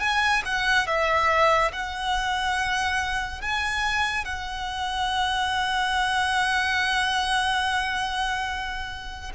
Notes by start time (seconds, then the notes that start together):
0.00 G#5
0.45 F#5
0.87 E5
1.72 F#5
3.41 G#5
4.25 F#5